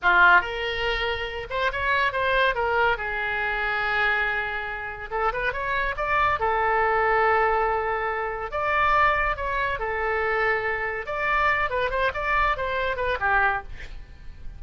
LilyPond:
\new Staff \with { instrumentName = "oboe" } { \time 4/4 \tempo 4 = 141 f'4 ais'2~ ais'8 c''8 | cis''4 c''4 ais'4 gis'4~ | gis'1 | a'8 b'8 cis''4 d''4 a'4~ |
a'1 | d''2 cis''4 a'4~ | a'2 d''4. b'8 | c''8 d''4 c''4 b'8 g'4 | }